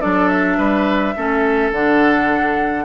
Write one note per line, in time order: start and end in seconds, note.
0.00 0.57 F#3
0.00 1.15 D4
0.00 0.57 A4
0.00 0.28 D5
0.28 1.71 E5
0.57 1.15 G3
0.57 1.14 B4
1.16 1.71 A3
1.16 1.73 C#4
1.16 2.85 A4
1.71 2.85 D3
1.71 2.85 D4
1.71 2.85 F#5